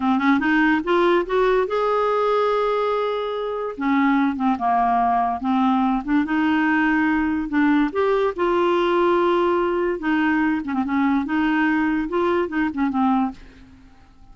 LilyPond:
\new Staff \with { instrumentName = "clarinet" } { \time 4/4 \tempo 4 = 144 c'8 cis'8 dis'4 f'4 fis'4 | gis'1~ | gis'4 cis'4. c'8 ais4~ | ais4 c'4. d'8 dis'4~ |
dis'2 d'4 g'4 | f'1 | dis'4. cis'16 c'16 cis'4 dis'4~ | dis'4 f'4 dis'8 cis'8 c'4 | }